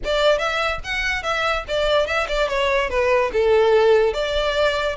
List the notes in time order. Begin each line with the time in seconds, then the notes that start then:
0.04 D5
0.38 E5
0.84 F#5
1.23 E5
1.68 D5
2.06 E5
2.28 D5
2.48 C#5
2.89 B4
3.33 A4
4.13 D5